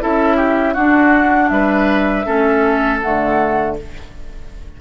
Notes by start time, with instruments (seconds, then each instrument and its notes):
0.00 bassoon C#4, clarinet E4, oboe A4, flute E5
0.36 oboe G4
0.74 bassoon D4, clarinet D4, oboe F#4, flute F#5
1.49 bassoon G3, oboe B4, flute E5
2.25 bassoon A3, clarinet C#4, oboe A4
3.01 bassoon D3, clarinet A3, flute F#5